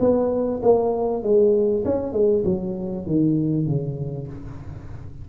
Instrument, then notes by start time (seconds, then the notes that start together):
tuba
0.00 B3
0.63 A#3
1.23 G#3
1.85 C#4
2.13 G#3
2.45 F#3
3.06 D#3
3.67 C#3